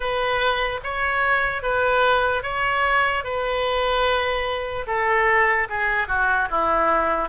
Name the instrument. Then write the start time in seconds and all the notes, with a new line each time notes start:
oboe
0.00 B4
0.83 C#5
1.62 B4
2.43 C#5
3.24 B4
4.86 A4
5.69 G#4
6.07 F#4
6.50 E4